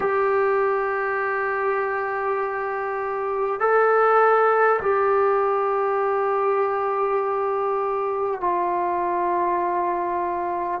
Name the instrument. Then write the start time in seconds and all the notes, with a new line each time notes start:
trombone
0.00 G4
3.59 A4
4.81 G4
8.40 F4